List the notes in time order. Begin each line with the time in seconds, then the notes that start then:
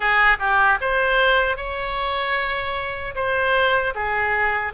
0.00 G#4
0.39 G4
0.80 C5
1.56 C#5
3.15 C5
3.95 G#4